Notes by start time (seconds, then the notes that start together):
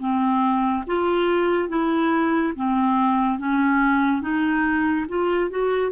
0.00 C4
0.87 F4
1.69 E4
2.57 C4
3.39 C#4
4.22 D#4
5.09 F4
5.50 F#4